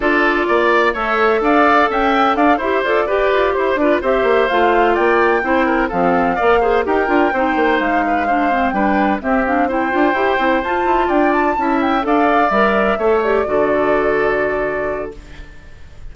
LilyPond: <<
  \new Staff \with { instrumentName = "flute" } { \time 4/4 \tempo 4 = 127 d''2 e''4 f''4 | g''4 f''8 e''8 d''4. c''8 | d''8 e''4 f''4 g''4.~ | g''8 f''2 g''4.~ |
g''8 f''2 g''4 e''8 | f''8 g''2 a''4 g''8 | a''4 g''8 f''4 e''4. | d''1 | }
  \new Staff \with { instrumentName = "oboe" } { \time 4/4 a'4 d''4 cis''4 d''4 | e''4 d''8 c''4 b'4 c''8 | b'8 c''2 d''4 c''8 | ais'8 a'4 d''8 c''8 ais'4 c''8~ |
c''4 b'8 c''4 b'4 g'8~ | g'8 c''2. d''8~ | d''8 e''4 d''2 cis''8~ | cis''8 a'2.~ a'8 | }
  \new Staff \with { instrumentName = "clarinet" } { \time 4/4 f'2 a'2~ | a'4. g'8 a'8 g'4. | f'8 g'4 f'2 e'8~ | e'8 c'4 ais'8 gis'8 g'8 f'8 dis'8~ |
dis'4. d'8 c'8 d'4 c'8 | d'8 e'8 f'8 g'8 e'8 f'4.~ | f'8 e'4 a'4 ais'4 a'8 | g'8 fis'2.~ fis'8 | }
  \new Staff \with { instrumentName = "bassoon" } { \time 4/4 d'4 ais4 a4 d'4 | cis'4 d'8 e'8 f'8 g'8 f'8 e'8 | d'8 c'8 ais8 a4 ais4 c'8~ | c'8 f4 ais4 dis'8 d'8 c'8 |
ais8 gis2 g4 c'8~ | c'4 d'8 e'8 c'8 f'8 e'8 d'8~ | d'8 cis'4 d'4 g4 a8~ | a8 d2.~ d8 | }
>>